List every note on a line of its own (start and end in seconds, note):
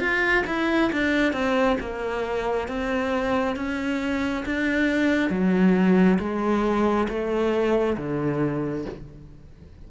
0.00 0.44 F4
0.47 0.91 E4
0.92 1.33 D4
1.33 1.77 C4
1.80 2.68 A#3
2.68 3.56 C4
3.56 4.44 C#4
4.46 5.30 D4
5.30 6.18 F#3
6.19 7.07 G#3
7.09 7.97 A3
7.97 8.86 D3